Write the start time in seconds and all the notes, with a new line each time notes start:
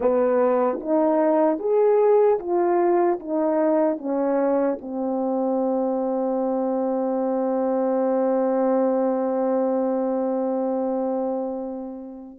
0.00 B3
0.80 D#4
1.59 G#4
2.39 F4
3.19 D#4
3.98 C#4
4.81 C4